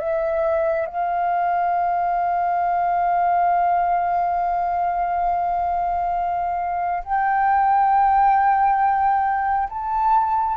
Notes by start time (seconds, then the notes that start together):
0.00 E5
0.87 F5
7.05 G5
9.70 A5